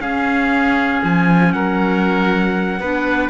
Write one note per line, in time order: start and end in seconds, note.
0.00 1.02 C#4
0.00 2.82 C#4
0.00 1.55 G#4
0.00 1.03 F5
1.04 1.54 F3
1.04 1.53 G#5
1.53 2.81 F#3
1.53 2.80 A#4
1.53 3.30 F#5
2.80 3.30 B3
2.80 3.30 D4
2.80 3.30 B4